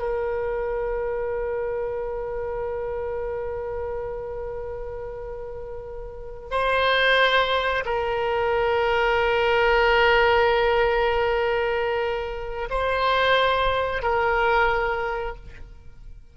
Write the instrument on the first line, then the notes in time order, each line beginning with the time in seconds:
oboe
0.00 A#4
6.51 C5
7.86 A#4
12.71 C5
14.03 A#4